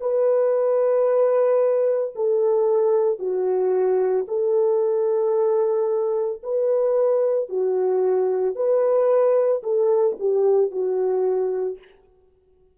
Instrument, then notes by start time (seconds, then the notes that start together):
horn
0.00 B4
2.16 A4
3.19 F#4
4.28 A4
6.43 B4
7.49 F#4
8.55 B4
9.63 A4
10.19 G4
10.71 F#4